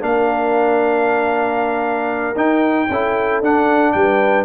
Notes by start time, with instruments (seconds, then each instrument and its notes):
0.00 tuba A#3, trombone D4, horn A#4, trumpet F5
2.36 tuba D#4, trombone D#4, trumpet G5
2.90 tuba C#4, trombone E4, horn A4
3.41 tuba D4, trombone D4, trumpet F#5
3.92 tuba G3, horn B4, trumpet G5